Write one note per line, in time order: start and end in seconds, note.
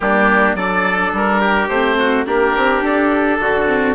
0.00 0.54 G3
0.00 0.56 A#3
0.00 0.56 D4
0.00 0.56 G4
0.54 1.11 F#3
0.54 1.69 D4
0.54 1.40 A4
0.54 1.12 D5
1.12 1.68 G3
1.12 1.68 A#4
1.40 1.96 G4
1.68 2.25 A3
1.68 2.26 C4
1.68 2.24 C5
1.98 2.26 F#4
2.26 2.55 A#3
2.26 3.66 D4
2.26 3.40 G4
2.26 2.83 A#4
2.56 2.81 C4
2.81 3.38 D4
2.81 3.94 A4
3.40 3.94 D3
3.40 3.94 F#4
3.66 3.94 C4